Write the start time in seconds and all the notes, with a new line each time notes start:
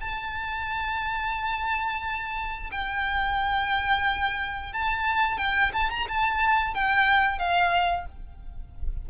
0.00 A5
2.71 G5
4.73 A5
5.37 G5
5.73 A5
5.90 A#5
6.08 A5
6.74 G5
7.38 F5